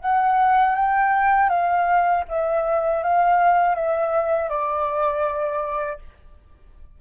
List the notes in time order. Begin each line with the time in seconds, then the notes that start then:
0.00 F#5
0.75 G5
1.49 F5
2.28 E5
3.03 F5
3.75 E5
4.49 D5